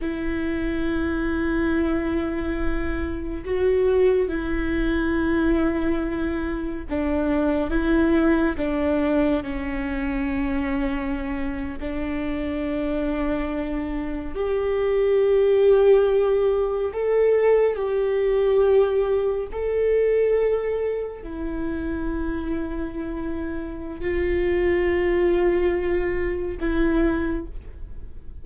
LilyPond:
\new Staff \with { instrumentName = "viola" } { \time 4/4 \tempo 4 = 70 e'1 | fis'4 e'2. | d'4 e'4 d'4 cis'4~ | cis'4.~ cis'16 d'2~ d'16~ |
d'8. g'2. a'16~ | a'8. g'2 a'4~ a'16~ | a'8. e'2.~ e'16 | f'2. e'4 | }